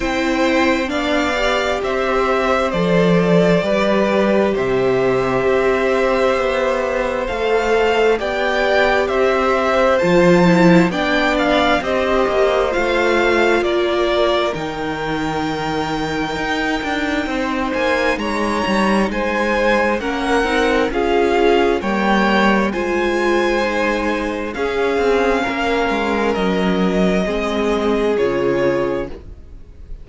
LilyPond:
<<
  \new Staff \with { instrumentName = "violin" } { \time 4/4 \tempo 4 = 66 g''4 f''4 e''4 d''4~ | d''4 e''2. | f''4 g''4 e''4 a''4 | g''8 f''8 dis''4 f''4 d''4 |
g''2.~ g''8 gis''8 | ais''4 gis''4 fis''4 f''4 | g''4 gis''2 f''4~ | f''4 dis''2 cis''4 | }
  \new Staff \with { instrumentName = "violin" } { \time 4/4 c''4 d''4 c''2 | b'4 c''2.~ | c''4 d''4 c''2 | d''4 c''2 ais'4~ |
ais'2. c''4 | cis''4 c''4 ais'4 gis'4 | cis''4 c''2 gis'4 | ais'2 gis'2 | }
  \new Staff \with { instrumentName = "viola" } { \time 4/4 e'4 d'8 g'4. a'4 | g'1 | a'4 g'2 f'8 e'8 | d'4 g'4 f'2 |
dis'1~ | dis'2 cis'8 dis'8 f'4 | ais4 f'4 dis'4 cis'4~ | cis'2 c'4 f'4 | }
  \new Staff \with { instrumentName = "cello" } { \time 4/4 c'4 b4 c'4 f4 | g4 c4 c'4 b4 | a4 b4 c'4 f4 | b4 c'8 ais8 a4 ais4 |
dis2 dis'8 d'8 c'8 ais8 | gis8 g8 gis4 ais8 c'8 cis'4 | g4 gis2 cis'8 c'8 | ais8 gis8 fis4 gis4 cis4 | }
>>